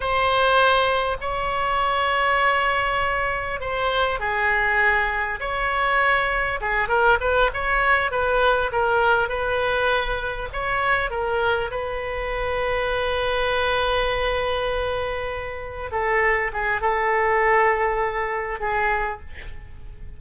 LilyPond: \new Staff \with { instrumentName = "oboe" } { \time 4/4 \tempo 4 = 100 c''2 cis''2~ | cis''2 c''4 gis'4~ | gis'4 cis''2 gis'8 ais'8 | b'8 cis''4 b'4 ais'4 b'8~ |
b'4. cis''4 ais'4 b'8~ | b'1~ | b'2~ b'8 a'4 gis'8 | a'2. gis'4 | }